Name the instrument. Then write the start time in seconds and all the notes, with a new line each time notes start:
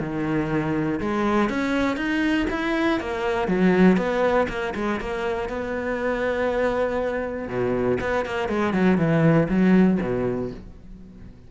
cello
0.00 D#3
1.00 G#3
1.50 C#4
1.97 D#4
2.51 E4
3.01 A#3
3.48 F#3
3.97 B3
4.49 A#3
4.75 G#3
5.00 A#3
5.49 B3
7.49 B2
8.01 B3
8.26 A#3
8.49 G#3
8.74 F#3
8.98 E3
9.49 F#3
10.02 B2